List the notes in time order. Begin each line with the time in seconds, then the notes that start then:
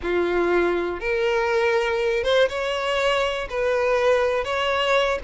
0.02 F4
1.00 A#4
2.23 C5
2.48 C#5
3.49 B4
4.44 C#5